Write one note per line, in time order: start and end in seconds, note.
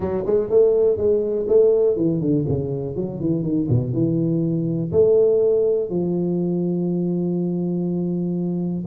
0.00 0.23 F#3
0.25 0.50 G#3
0.50 0.97 A3
0.97 1.46 G#3
1.48 1.96 A3
1.96 2.20 E3
2.20 2.45 D3
2.48 2.96 C#3
2.96 3.20 F#3
3.20 3.42 E3
3.42 3.67 D#3
3.69 3.93 B2
3.93 4.91 E3
4.92 5.89 A3
5.89 8.84 F3